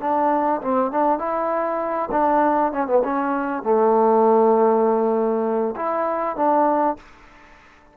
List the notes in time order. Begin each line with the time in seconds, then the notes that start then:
0.00 D4
0.61 C4
0.91 D4
1.18 E4
2.11 D4
2.72 C#4
2.87 B3
3.04 C#4
3.63 A3
5.76 E4
6.36 D4